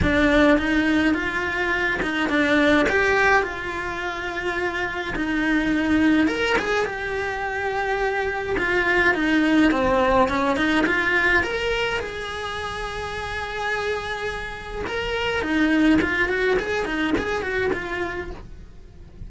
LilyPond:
\new Staff \with { instrumentName = "cello" } { \time 4/4 \tempo 4 = 105 d'4 dis'4 f'4. dis'8 | d'4 g'4 f'2~ | f'4 dis'2 ais'8 gis'8 | g'2. f'4 |
dis'4 c'4 cis'8 dis'8 f'4 | ais'4 gis'2.~ | gis'2 ais'4 dis'4 | f'8 fis'8 gis'8 dis'8 gis'8 fis'8 f'4 | }